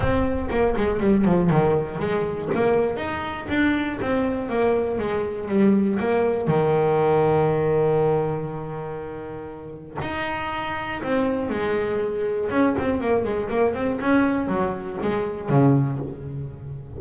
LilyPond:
\new Staff \with { instrumentName = "double bass" } { \time 4/4 \tempo 4 = 120 c'4 ais8 gis8 g8 f8 dis4 | gis4 ais4 dis'4 d'4 | c'4 ais4 gis4 g4 | ais4 dis2.~ |
dis1 | dis'2 c'4 gis4~ | gis4 cis'8 c'8 ais8 gis8 ais8 c'8 | cis'4 fis4 gis4 cis4 | }